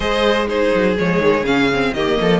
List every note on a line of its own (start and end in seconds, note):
0.00 0.71 G#3
0.00 0.48 G#4
0.00 0.48 C5
0.00 0.47 D#5
0.48 0.96 D#4
0.48 1.94 G#4
0.48 0.97 C5
0.74 0.98 F#3
0.98 1.18 F3
0.98 1.45 G#3
0.98 1.45 C#5
1.18 1.42 D#3
1.42 1.90 C#3
1.42 1.69 C#4
1.42 1.93 F5
1.73 1.96 C4
1.93 2.17 D#3
1.93 2.40 A#3
1.93 2.18 G4
1.93 2.40 D#5
2.20 2.40 F3
2.20 2.40 A4